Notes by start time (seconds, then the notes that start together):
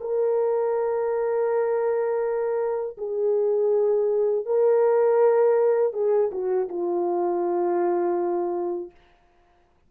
0.00 A#4
2.98 G#4
4.45 A#4
5.93 G#4
6.31 F#4
6.68 F4